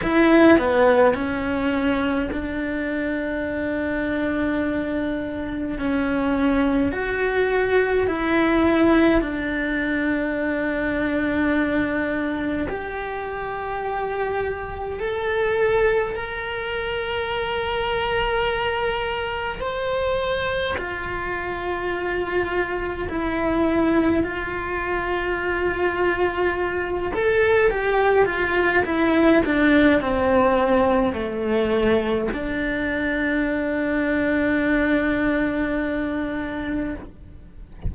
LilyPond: \new Staff \with { instrumentName = "cello" } { \time 4/4 \tempo 4 = 52 e'8 b8 cis'4 d'2~ | d'4 cis'4 fis'4 e'4 | d'2. g'4~ | g'4 a'4 ais'2~ |
ais'4 c''4 f'2 | e'4 f'2~ f'8 a'8 | g'8 f'8 e'8 d'8 c'4 a4 | d'1 | }